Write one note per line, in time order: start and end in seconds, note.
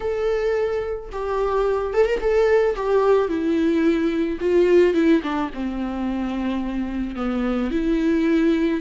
0.00 1.10 A4
1.12 1.93 G4
1.93 2.06 A4
2.06 2.19 A#4
2.20 2.75 A4
2.75 3.28 G4
3.28 4.38 E4
4.40 4.94 F4
4.94 5.21 E4
5.22 5.50 D4
5.53 7.15 C4
7.15 7.70 B3
7.70 8.80 E4